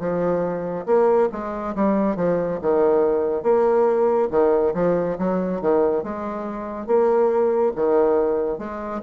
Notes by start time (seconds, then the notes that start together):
0.00 F3
0.86 A#3
1.32 G#3
1.76 G3
2.17 F3
2.62 D#3
3.43 A#3
4.31 D#3
4.75 F3
5.19 F#3
5.61 D#3
6.04 G#3
6.87 A#3
7.76 D#3
8.59 G#3